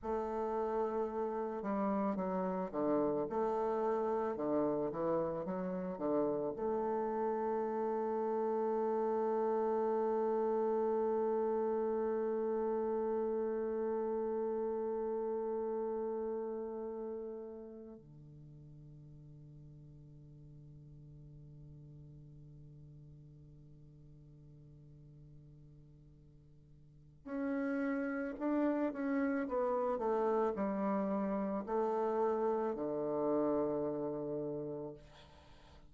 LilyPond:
\new Staff \with { instrumentName = "bassoon" } { \time 4/4 \tempo 4 = 55 a4. g8 fis8 d8 a4 | d8 e8 fis8 d8 a2~ | a1~ | a1~ |
a8 d2.~ d8~ | d1~ | d4 cis'4 d'8 cis'8 b8 a8 | g4 a4 d2 | }